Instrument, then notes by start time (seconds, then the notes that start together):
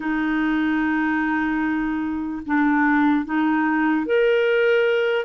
clarinet
0.00 D#4
2.46 D4
3.25 D#4
4.05 A#4